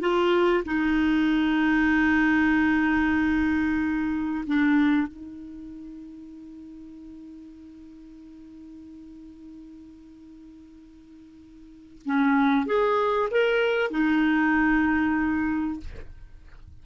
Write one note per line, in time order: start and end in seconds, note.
0.00 0.63 F4
0.65 4.44 D#4
4.46 5.07 D4
5.07 12.02 D#4
12.05 12.66 C#4
12.66 13.29 G#4
13.31 13.90 A#4
13.90 15.80 D#4